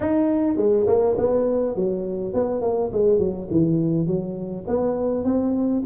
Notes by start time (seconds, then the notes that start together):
0.00 D#4
0.56 G#3
0.86 A#3
1.17 B3
1.75 F#3
2.33 B3
2.61 A#3
2.92 G#3
3.19 F#3
3.50 E3
4.06 F#3
4.67 B3
5.24 C4